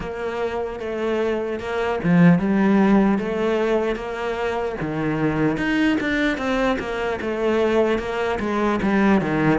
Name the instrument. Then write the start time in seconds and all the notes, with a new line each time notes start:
cello
0.00 A#3
0.79 A3
1.59 A#3
2.03 F3
2.39 G3
3.18 A3
3.95 A#3
4.80 D#3
5.57 D#4
6.00 D4
6.37 C4
6.79 A#3
7.21 A3
7.98 A#3
8.39 G#3
8.82 G3
9.21 D#3